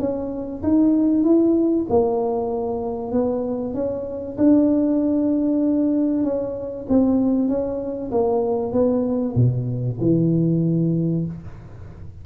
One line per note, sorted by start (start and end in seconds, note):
0.00 0.62 C#4
0.63 1.24 D#4
1.24 1.86 E4
1.89 3.12 A#3
3.12 3.74 B3
3.74 4.37 C#4
4.38 6.24 D4
6.24 6.87 C#4
6.89 7.49 C4
7.49 8.11 C#4
8.12 8.73 A#3
8.73 9.36 B3
9.36 9.99 B2
10.01 11.26 E3